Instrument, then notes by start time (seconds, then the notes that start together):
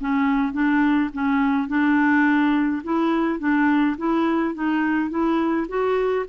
clarinet
0.00 C#4
0.52 D4
1.13 C#4
1.68 D4
2.83 E4
3.39 D4
3.97 E4
4.54 D#4
5.09 E4
5.68 F#4